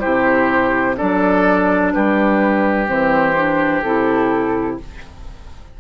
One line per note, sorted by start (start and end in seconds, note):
0.00 1.00 C3
0.00 0.96 E4
0.00 0.96 G4
0.00 0.95 C5
0.97 1.95 F#3
0.97 2.87 D4
0.97 1.92 A4
0.97 1.93 D5
1.93 2.89 G3
1.93 4.80 G4
1.93 2.88 B4
2.87 3.83 E3
2.87 3.35 C4
2.87 3.82 C5
3.36 3.84 D4
3.82 4.78 C3
3.82 4.80 E4
3.82 4.77 A4